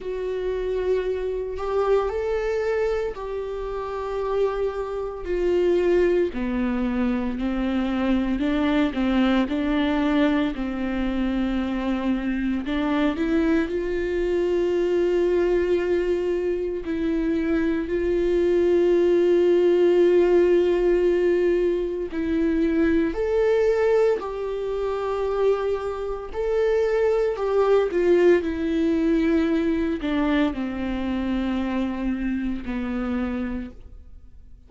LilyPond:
\new Staff \with { instrumentName = "viola" } { \time 4/4 \tempo 4 = 57 fis'4. g'8 a'4 g'4~ | g'4 f'4 b4 c'4 | d'8 c'8 d'4 c'2 | d'8 e'8 f'2. |
e'4 f'2.~ | f'4 e'4 a'4 g'4~ | g'4 a'4 g'8 f'8 e'4~ | e'8 d'8 c'2 b4 | }